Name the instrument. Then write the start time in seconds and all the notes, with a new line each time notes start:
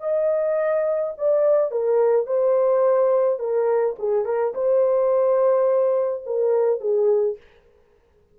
horn
0.00 D#5
1.17 D5
1.71 A#4
2.26 C5
3.39 A#4
3.99 G#4
4.25 A#4
4.54 C5
6.26 A#4
6.80 G#4